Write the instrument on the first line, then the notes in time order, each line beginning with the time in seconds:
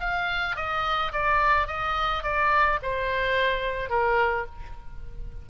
oboe
0.00 F5
0.56 D#5
1.12 D5
1.67 D#5
2.23 D5
2.82 C5
3.89 A#4